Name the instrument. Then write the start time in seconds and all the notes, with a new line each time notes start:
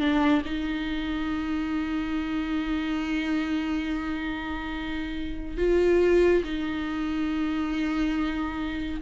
viola
0.00 D4
0.46 D#4
5.58 F4
6.44 D#4